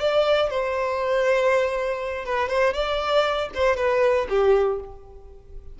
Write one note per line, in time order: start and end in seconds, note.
0.00 0.50 D5
0.50 2.25 C5
2.25 2.48 B4
2.48 2.73 C5
2.73 3.49 D5
3.54 3.76 C5
3.76 4.27 B4
4.29 4.79 G4